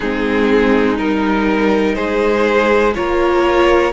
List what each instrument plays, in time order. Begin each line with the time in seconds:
0.00 cello G#3, viola C4, violin D#4 G#4
0.96 cello G3, viola D#4, violin A#4
1.95 cello G#3, violin G#4 C5
2.94 cello A#3, viola F4, violin A#4 C#5